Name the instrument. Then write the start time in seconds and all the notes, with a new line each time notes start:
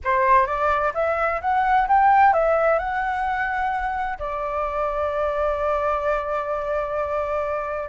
flute
0.04 C5
0.46 D5
0.94 E5
1.41 F#5
1.88 G5
2.33 E5
2.79 F#5
4.18 D5